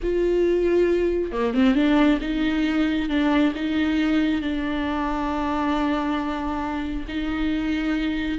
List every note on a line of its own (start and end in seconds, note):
0.02 1.32 F4
1.32 1.54 A#3
1.54 1.74 C4
1.74 2.19 D4
2.20 3.09 D#4
3.09 3.53 D4
3.55 4.41 D#4
4.41 7.06 D4
7.07 8.38 D#4